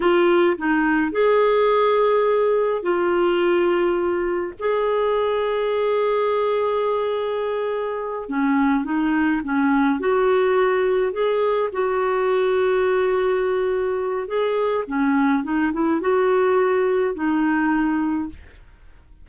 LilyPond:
\new Staff \with { instrumentName = "clarinet" } { \time 4/4 \tempo 4 = 105 f'4 dis'4 gis'2~ | gis'4 f'2. | gis'1~ | gis'2~ gis'8 cis'4 dis'8~ |
dis'8 cis'4 fis'2 gis'8~ | gis'8 fis'2.~ fis'8~ | fis'4 gis'4 cis'4 dis'8 e'8 | fis'2 dis'2 | }